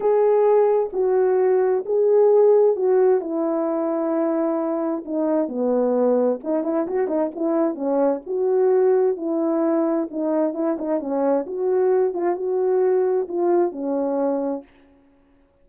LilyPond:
\new Staff \with { instrumentName = "horn" } { \time 4/4 \tempo 4 = 131 gis'2 fis'2 | gis'2 fis'4 e'4~ | e'2. dis'4 | b2 dis'8 e'8 fis'8 dis'8 |
e'4 cis'4 fis'2 | e'2 dis'4 e'8 dis'8 | cis'4 fis'4. f'8 fis'4~ | fis'4 f'4 cis'2 | }